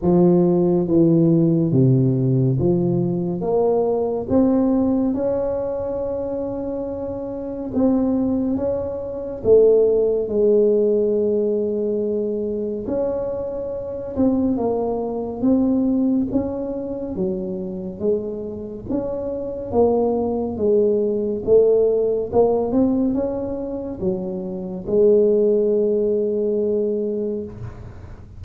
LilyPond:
\new Staff \with { instrumentName = "tuba" } { \time 4/4 \tempo 4 = 70 f4 e4 c4 f4 | ais4 c'4 cis'2~ | cis'4 c'4 cis'4 a4 | gis2. cis'4~ |
cis'8 c'8 ais4 c'4 cis'4 | fis4 gis4 cis'4 ais4 | gis4 a4 ais8 c'8 cis'4 | fis4 gis2. | }